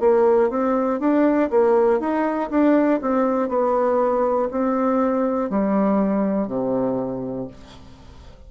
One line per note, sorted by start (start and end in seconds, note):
0.00 0.49 A#3
0.49 0.99 C4
0.99 1.49 D4
1.50 1.99 A#3
1.99 2.49 D#4
2.50 3.00 D4
3.01 3.49 C4
3.49 4.49 B3
4.51 5.49 C4
5.49 6.47 G3
6.47 7.47 C3